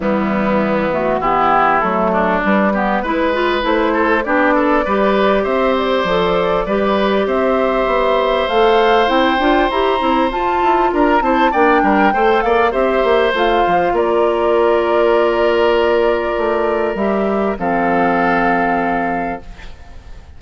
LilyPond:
<<
  \new Staff \with { instrumentName = "flute" } { \time 4/4 \tempo 4 = 99 e'4. fis'8 g'4 a'4 | b'2 c''4 d''4~ | d''4 e''8 d''2~ d''8 | e''2 f''4 g''4 |
ais''4 a''4 ais''8 a''8 g''4~ | g''8 f''8 e''4 f''4 d''4~ | d''1 | e''4 f''2. | }
  \new Staff \with { instrumentName = "oboe" } { \time 4/4 b2 e'4. d'8~ | d'8 g'8 b'4. a'8 g'8 a'8 | b'4 c''2 b'4 | c''1~ |
c''2 ais'8 c''8 d''8 ais'8 | c''8 d''8 c''2 ais'4~ | ais'1~ | ais'4 a'2. | }
  \new Staff \with { instrumentName = "clarinet" } { \time 4/4 g4. a8 b4 a4 | g8 b8 e'8 f'8 e'4 d'4 | g'2 a'4 g'4~ | g'2 a'4 e'8 f'8 |
g'8 e'8 f'4. e'8 d'4 | a'4 g'4 f'2~ | f'1 | g'4 c'2. | }
  \new Staff \with { instrumentName = "bassoon" } { \time 4/4 e2. fis4 | g4 gis4 a4 b4 | g4 c'4 f4 g4 | c'4 b4 a4 c'8 d'8 |
e'8 c'8 f'8 e'8 d'8 c'8 ais8 g8 | a8 ais8 c'8 ais8 a8 f8 ais4~ | ais2. a4 | g4 f2. | }
>>